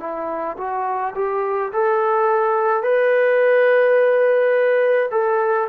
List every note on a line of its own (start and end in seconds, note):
0.00 0.57 E4
0.57 1.14 F#4
1.15 1.72 G4
1.73 2.83 A4
2.83 5.09 B4
5.11 5.68 A4